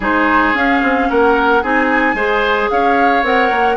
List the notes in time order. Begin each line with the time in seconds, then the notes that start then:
0.00 G#3 D#4 G#4 C5
0.53 C#4 F5
0.82 C4
1.09 A#3 A#4 F#5
1.62 C4 D#4 G#4 G#5
2.14 G#3 G#4 C5
2.69 C#4 C#5 F5
3.23 C4 A#4 F#5
3.50 A#3